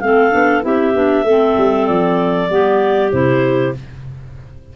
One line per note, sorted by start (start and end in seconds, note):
0.00 0.32 A3
0.00 0.31 C4
0.00 0.65 A4
0.00 0.62 F5
0.31 0.64 B3
0.31 0.61 D4
0.61 0.94 C4
0.61 0.92 E4
0.61 1.25 G4
0.61 1.87 E5
0.93 1.23 B3
0.93 1.24 D4
1.23 1.54 A3
1.23 2.48 C4
1.23 2.49 A4
1.57 1.88 G3
1.87 2.49 F3
1.87 3.10 D5
2.48 3.11 G3
2.48 3.10 B3
2.48 3.76 G4
3.12 3.74 C3
3.12 3.74 E4
3.12 3.73 C5